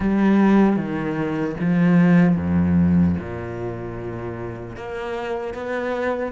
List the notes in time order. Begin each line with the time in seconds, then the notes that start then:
0.00 G3
0.76 D#3
1.60 F3
2.36 F2
3.18 A#2
4.76 A#3
5.54 B3